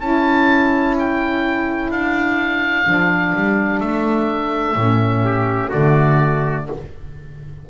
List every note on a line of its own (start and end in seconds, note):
0.00 1.91 C#4
0.00 2.85 E4
0.00 5.24 A4
0.00 0.95 A5
0.99 1.91 G5
1.91 2.86 D4
1.91 3.80 F5
2.85 3.34 F3
2.85 4.75 D4
3.35 3.81 G3
3.80 4.75 A3
3.80 5.71 E5
4.75 5.71 A2
4.75 5.70 C#4
5.24 5.69 G4
5.69 6.70 D3
5.69 6.65 A3
5.69 6.64 F#4
5.69 6.67 D5